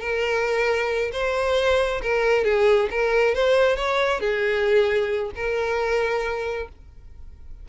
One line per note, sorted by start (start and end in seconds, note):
0.00 1.11 A#4
1.12 2.01 C5
2.02 2.44 A#4
2.44 2.89 G#4
2.91 3.35 A#4
3.35 3.76 C5
3.76 4.20 C#5
4.20 5.31 G#4
5.35 6.68 A#4